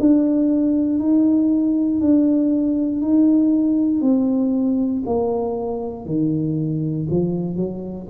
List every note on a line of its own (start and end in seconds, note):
0.00 1.00 D4
1.00 2.01 D#4
2.01 3.02 D4
3.02 4.02 D#4
4.02 5.03 C4
5.07 6.06 A#3
6.06 7.08 D#3
7.11 7.57 F3
7.57 8.08 F#3